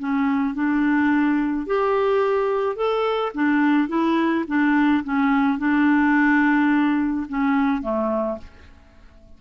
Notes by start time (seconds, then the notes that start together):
0.00 C#4
0.55 D4
1.67 G4
2.77 A4
3.35 D4
3.89 E4
4.48 D4
5.04 C#4
5.59 D4
7.29 C#4
7.82 A3